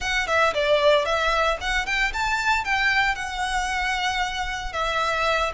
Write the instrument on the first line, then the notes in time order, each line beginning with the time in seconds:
violin
0.00 F#5
0.27 E5
0.54 D5
1.05 E5
1.61 F#5
1.86 G5
2.13 A5
2.64 G5
3.15 F#5
4.72 E5